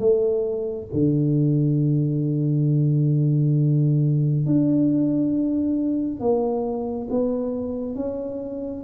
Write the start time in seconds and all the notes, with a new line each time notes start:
0.00 A3
0.93 D3
4.46 D4
6.20 A#3
7.11 B3
7.96 C#4